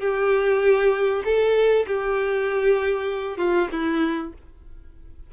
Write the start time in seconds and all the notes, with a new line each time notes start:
0.00 G4
1.24 A4
1.87 G4
3.37 F4
3.72 E4